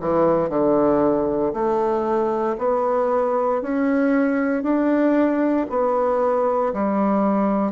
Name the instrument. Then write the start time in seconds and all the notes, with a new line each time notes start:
bassoon
0.00 E3
0.49 D3
1.53 A3
2.58 B3
3.62 C#4
4.63 D4
5.69 B3
6.73 G3